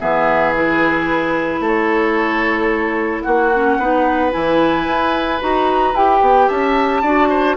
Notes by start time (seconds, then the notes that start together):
0.00 E3 B3 G#4 E5
0.55 E4 B4
1.60 A3 A4
1.67 C#5
3.22 A#3 F#4 F#5
3.54 C#4
3.78 B3 D#4 B4
4.31 E3 E4 G#5
4.87 E4
5.39 D#4 F#4 A#5
5.93 E4 G4 G5
6.21 B3
6.47 C#4 E5 A5
7.01 D4 F#4 D5
7.29 C5